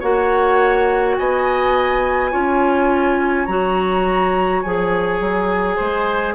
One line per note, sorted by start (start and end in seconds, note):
0.00 1.18 A#3
0.00 2.31 F#4
0.00 1.15 C#5
0.00 1.17 F#5
1.17 2.34 B3
1.17 2.31 D#5
1.17 3.46 G#5
2.31 3.48 C#4
2.31 3.47 F4
2.31 5.76 C#5
3.46 4.63 F#3
3.46 4.64 F#4
3.46 4.62 A#5
4.62 5.20 F3
4.62 6.35 G#4
4.62 6.35 G#5
5.20 5.78 F#3
5.76 6.35 G#3
5.76 6.34 C5